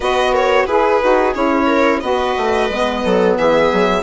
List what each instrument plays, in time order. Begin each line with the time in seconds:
0.00 bassoon B3, saxophone F#4, viola B4, violin D#5
0.32 viola A#4, violin C#5
0.65 bassoon E4, viola G#4, saxophone G#4, violin B4
1.01 bassoon D#4, saxophone F#4
1.34 bassoon C#4, saxophone E4, violin C#5
1.66 viola A#4
2.00 bassoon B3, saxophone F#4, viola B4, violin D#5
2.37 bassoon A3
2.69 bassoon G#3, saxophone B3
3.04 bassoon F#3, viola A4
3.37 bassoon E3, viola G#4, violin E5
3.72 bassoon F#3